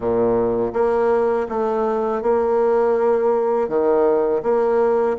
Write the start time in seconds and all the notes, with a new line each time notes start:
0.00 A#2
0.73 A#3
1.48 A3
2.22 A#3
3.68 D#3
4.42 A#3